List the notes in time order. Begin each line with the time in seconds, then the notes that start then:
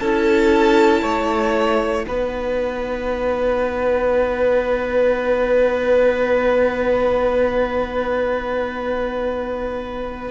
0.00 C#4 E4 A4 A5
1.03 A3 C#5
2.06 B3 D#4 B4 F#5